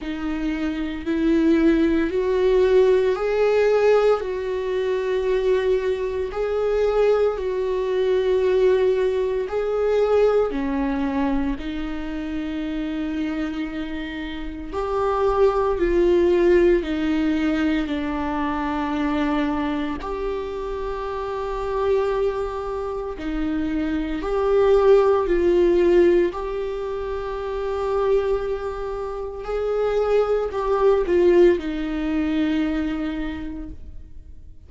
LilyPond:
\new Staff \with { instrumentName = "viola" } { \time 4/4 \tempo 4 = 57 dis'4 e'4 fis'4 gis'4 | fis'2 gis'4 fis'4~ | fis'4 gis'4 cis'4 dis'4~ | dis'2 g'4 f'4 |
dis'4 d'2 g'4~ | g'2 dis'4 g'4 | f'4 g'2. | gis'4 g'8 f'8 dis'2 | }